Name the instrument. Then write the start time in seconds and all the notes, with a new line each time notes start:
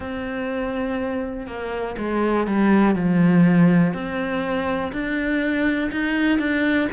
cello
0.00 C4
1.46 A#3
1.98 G#3
2.47 G3
2.95 F3
3.93 C4
4.92 D4
5.92 D#4
6.38 D4